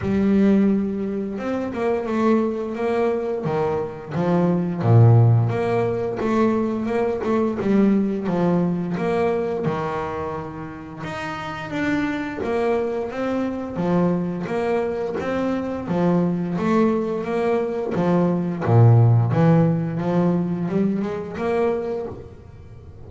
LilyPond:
\new Staff \with { instrumentName = "double bass" } { \time 4/4 \tempo 4 = 87 g2 c'8 ais8 a4 | ais4 dis4 f4 ais,4 | ais4 a4 ais8 a8 g4 | f4 ais4 dis2 |
dis'4 d'4 ais4 c'4 | f4 ais4 c'4 f4 | a4 ais4 f4 ais,4 | e4 f4 g8 gis8 ais4 | }